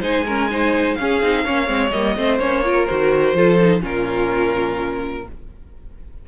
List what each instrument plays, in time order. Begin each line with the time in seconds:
0.00 cello G#3, viola D#4, violin C5 G#5
0.26 viola C#4, violin A#4
0.50 viola D#4, violin C5
0.95 viola C#4, cello C#4, violin F5
1.01 violin G#4
1.22 cello C4, viola D#4
1.44 cello A#3, viola C#4, violin C#5
1.66 cello G#3, viola C4
1.90 cello G3, viola A#3, violin D#5
2.15 cello A3, viola C4, violin C5
2.39 cello A#3, viola C#4, violin C#5
2.64 viola F4, violin A#4
2.86 cello D#3, viola F#4, violin C5
3.33 cello F3, viola F4, violin A4
3.60 viola D#4
3.81 cello A#2, viola C#4, violin F4 A#4